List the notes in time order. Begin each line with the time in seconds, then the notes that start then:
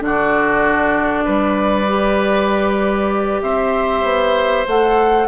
0.00 D3 D4 F#4 D5
1.25 G3 B4
1.88 G4
3.42 C4 C5 E5
4.03 B3
4.67 A3 A4 F#5